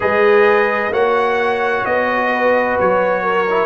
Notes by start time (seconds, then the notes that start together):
0.00 G#3 G#4 B4 D#5
0.90 A#3 F#4 C#5 F#5
1.85 B3 D#5
2.32 B4
2.79 F#3 C#5
3.22 A#4
3.49 E4